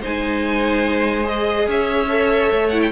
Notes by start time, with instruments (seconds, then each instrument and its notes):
0.00 cello G#3, viola D#4, violin C5 G#5
1.23 viola G#4, violin D#5
1.67 cello C#4, violin C#5 E5
2.09 viola A4
2.51 cello A3
2.69 viola E4, violin F#5
2.82 violin G5